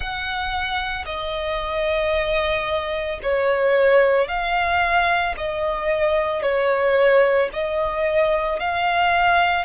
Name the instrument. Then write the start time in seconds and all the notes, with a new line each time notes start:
violin
0.00 F#5
1.05 D#5
3.22 C#5
4.28 F5
5.37 D#5
6.42 C#5
7.52 D#5
8.59 F5